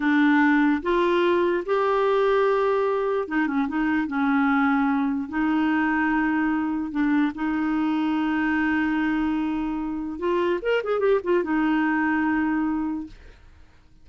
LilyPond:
\new Staff \with { instrumentName = "clarinet" } { \time 4/4 \tempo 4 = 147 d'2 f'2 | g'1 | dis'8 cis'8 dis'4 cis'2~ | cis'4 dis'2.~ |
dis'4 d'4 dis'2~ | dis'1~ | dis'4 f'4 ais'8 gis'8 g'8 f'8 | dis'1 | }